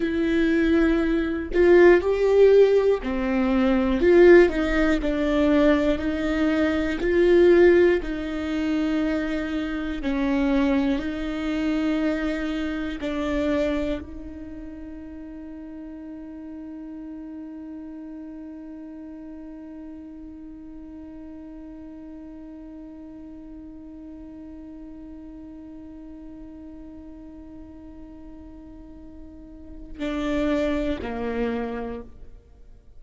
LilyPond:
\new Staff \with { instrumentName = "viola" } { \time 4/4 \tempo 4 = 60 e'4. f'8 g'4 c'4 | f'8 dis'8 d'4 dis'4 f'4 | dis'2 cis'4 dis'4~ | dis'4 d'4 dis'2~ |
dis'1~ | dis'1~ | dis'1~ | dis'2 d'4 ais4 | }